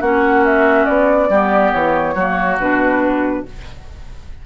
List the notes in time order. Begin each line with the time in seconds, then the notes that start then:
0.00 A#3 C#4 F#4 F#5
0.45 E5
0.86 B3 D5
1.29 G3 B3 G4
1.72 E3 C#5
2.15 F#3 A#3 F#4
2.60 B2 D4 B4